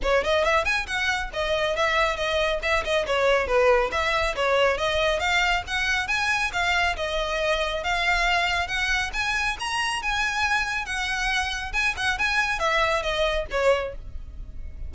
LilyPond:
\new Staff \with { instrumentName = "violin" } { \time 4/4 \tempo 4 = 138 cis''8 dis''8 e''8 gis''8 fis''4 dis''4 | e''4 dis''4 e''8 dis''8 cis''4 | b'4 e''4 cis''4 dis''4 | f''4 fis''4 gis''4 f''4 |
dis''2 f''2 | fis''4 gis''4 ais''4 gis''4~ | gis''4 fis''2 gis''8 fis''8 | gis''4 e''4 dis''4 cis''4 | }